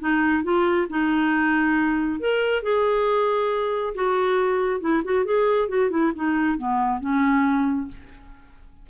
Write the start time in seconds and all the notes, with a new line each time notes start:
0.00 D#4
0.44 F4
0.90 D#4
2.20 A#4
2.63 G#4
3.95 F#4
4.81 E4
5.04 F#4
5.25 G#4
5.69 F#4
5.90 E4
6.16 D#4
6.58 B3
7.01 C#4